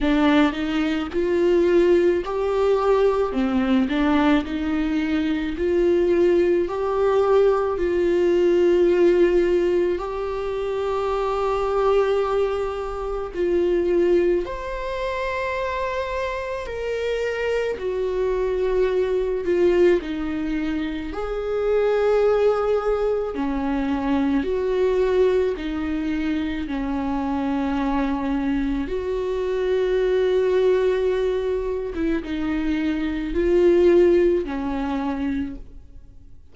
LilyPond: \new Staff \with { instrumentName = "viola" } { \time 4/4 \tempo 4 = 54 d'8 dis'8 f'4 g'4 c'8 d'8 | dis'4 f'4 g'4 f'4~ | f'4 g'2. | f'4 c''2 ais'4 |
fis'4. f'8 dis'4 gis'4~ | gis'4 cis'4 fis'4 dis'4 | cis'2 fis'2~ | fis'8. e'16 dis'4 f'4 cis'4 | }